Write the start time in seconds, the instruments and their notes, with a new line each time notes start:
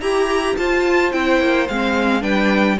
0.00 cello E4, violin G4 A#5, viola G4
0.57 viola F4, cello F4, violin C5 A5
1.12 cello C4, viola E4, violin G5
1.41 cello A#3
1.69 cello G#3, viola C4, violin F5
2.21 cello G3, viola D4, violin B4 G5